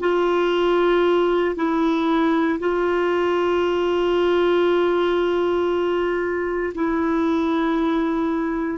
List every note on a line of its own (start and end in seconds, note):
0.00 1.55 F4
1.56 2.59 E4
2.59 6.73 F4
6.74 8.78 E4